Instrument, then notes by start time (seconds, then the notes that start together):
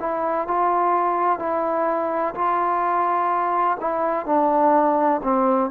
trombone
0.00 E4
0.48 F4
1.39 E4
2.35 F4
3.80 E4
4.26 D4
5.23 C4